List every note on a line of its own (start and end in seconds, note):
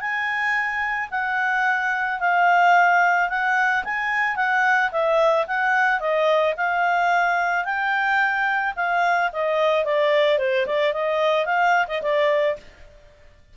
0.00 1.09 G#5
1.11 2.20 F#5
2.20 3.29 F5
3.29 3.84 F#5
3.84 4.36 G#5
4.36 4.90 F#5
4.91 5.46 E5
5.47 6.00 F#5
6.00 6.54 D#5
6.56 7.65 F5
7.65 8.74 G5
8.76 9.30 F5
9.32 9.84 D#5
9.84 10.38 D5
10.38 10.66 C5
10.66 10.93 D5
10.93 11.45 D#5
11.45 11.86 F5
11.87 12.01 D#5
12.02 12.56 D5